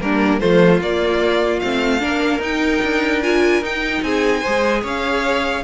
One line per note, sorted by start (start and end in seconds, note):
0.00 0.41 G3
0.00 0.40 A#3
0.00 0.41 D4
0.00 0.39 A#4
0.39 0.80 F3
0.39 0.80 A3
0.39 2.00 F4
0.39 0.80 C5
0.80 1.61 A#3
0.80 1.62 A#3
0.80 1.59 D5
1.59 2.02 A3
1.59 1.99 C4
1.59 2.40 F5
1.99 2.39 A#3
1.99 2.40 D4
1.99 4.02 A#4
2.39 2.79 D#4
2.39 3.22 D#4
2.39 3.22 G5
2.82 3.61 D4
3.22 3.62 F4
3.22 3.63 G#5
3.61 4.02 D#4
3.61 4.44 D#4
3.61 4.03 G5
4.02 4.42 C4
4.02 4.40 G#4
4.02 4.84 G#5
4.40 5.63 G#4
4.40 4.81 C5
4.46 4.83 G#3
4.82 5.63 C#4
4.82 5.63 C#5
4.82 5.63 F5